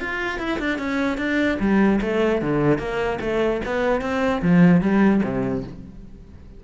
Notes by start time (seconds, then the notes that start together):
0.00 F4
0.39 E4
0.59 D4
0.78 C#4
1.18 D4
1.60 G3
2.01 A3
2.42 D3
2.78 A#3
3.21 A3
3.65 B3
4.01 C4
4.42 F3
4.81 G3
5.23 C3